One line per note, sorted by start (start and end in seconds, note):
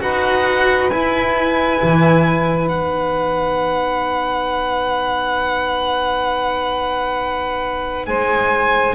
0.00 0.91 D#4
0.00 0.90 F#4
0.00 8.08 B4
0.00 0.90 F#5
0.90 1.81 E4
0.90 2.67 E4
0.90 2.68 G#5
1.82 2.71 E3
2.67 8.07 B3
2.67 8.94 D#4
2.67 8.05 F#5
8.06 8.95 G#3
8.06 8.95 C5
8.06 8.95 G#5